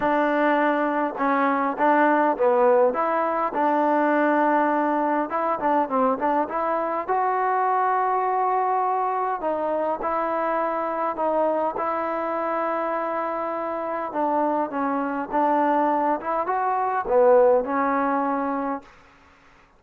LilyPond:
\new Staff \with { instrumentName = "trombone" } { \time 4/4 \tempo 4 = 102 d'2 cis'4 d'4 | b4 e'4 d'2~ | d'4 e'8 d'8 c'8 d'8 e'4 | fis'1 |
dis'4 e'2 dis'4 | e'1 | d'4 cis'4 d'4. e'8 | fis'4 b4 cis'2 | }